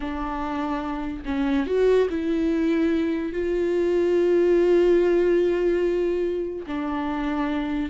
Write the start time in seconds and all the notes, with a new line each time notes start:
0.00 D4
1.25 C#4
1.66 F#4
2.10 E4
3.32 F4
6.66 D4